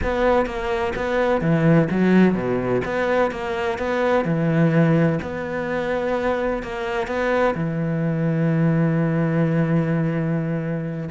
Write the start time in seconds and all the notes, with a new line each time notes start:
0.03 B3
0.46 A#3
0.95 B3
1.41 E3
1.90 F#3
2.34 B2
2.84 B3
3.31 A#3
3.78 B3
4.24 E3
5.22 B3
6.62 A#3
7.07 B3
7.55 E3